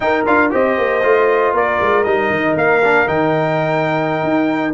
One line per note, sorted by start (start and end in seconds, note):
0.00 0.24 D#4
0.00 0.26 D#4
0.00 0.53 A#4
0.00 0.25 G5
0.26 0.52 D4
0.26 0.50 F4
0.26 0.51 F5
0.50 0.78 C4
0.50 1.01 G4
0.50 1.54 C5
0.50 1.56 D#5
0.78 1.03 A#3
1.03 1.53 A3
1.03 2.05 F4
1.53 1.79 A#3
1.53 4.73 A#4
1.53 2.03 D5
1.80 2.05 G#3
2.03 2.29 G3
2.03 2.82 D#4
2.03 2.54 D#5
2.29 2.55 D#3
2.56 3.07 A#3
2.56 3.08 F5
2.84 3.06 D4
3.06 4.23 D#3
3.06 4.73 D#4
3.06 4.73 G5
4.23 4.73 D#4